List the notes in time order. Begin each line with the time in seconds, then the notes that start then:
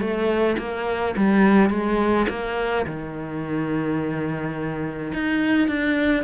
0.00 A3
0.58 A#3
1.17 G3
1.70 G#3
2.29 A#3
2.86 D#3
5.14 D#4
5.68 D4